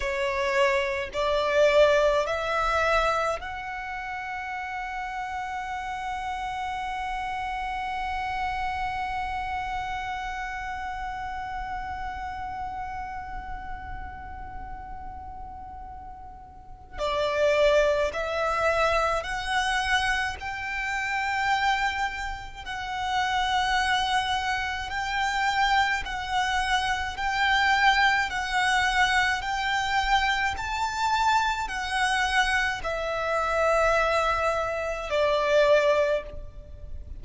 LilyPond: \new Staff \with { instrumentName = "violin" } { \time 4/4 \tempo 4 = 53 cis''4 d''4 e''4 fis''4~ | fis''1~ | fis''1~ | fis''2. d''4 |
e''4 fis''4 g''2 | fis''2 g''4 fis''4 | g''4 fis''4 g''4 a''4 | fis''4 e''2 d''4 | }